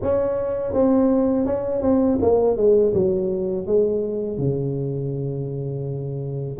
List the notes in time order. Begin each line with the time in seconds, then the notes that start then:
0.02 C#4
0.73 C4
1.46 C#4
1.82 C4
2.21 A#3
2.56 G#3
2.93 F#3
3.66 G#3
4.38 C#3